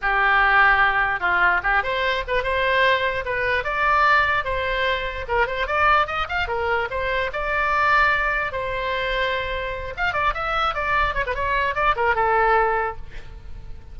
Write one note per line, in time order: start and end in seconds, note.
0.01 1.20 G4
1.20 1.60 F4
1.63 1.83 G4
1.83 2.23 C5
2.27 2.43 B4
2.43 3.24 C5
3.25 3.64 B4
3.64 4.44 D5
4.44 5.25 C5
5.28 5.46 A#4
5.46 5.66 C5
5.66 6.07 D5
6.07 6.27 D#5
6.28 6.47 F5
6.47 6.88 A#4
6.90 7.31 C5
7.32 8.52 D5
8.52 9.94 C5
9.96 10.13 F5
10.13 10.33 D5
10.34 10.74 E5
10.74 11.14 D5
11.14 11.24 C#5
11.26 11.34 B4
11.34 11.75 C#5
11.75 11.95 D5
11.96 12.15 A#4
12.15 12.96 A4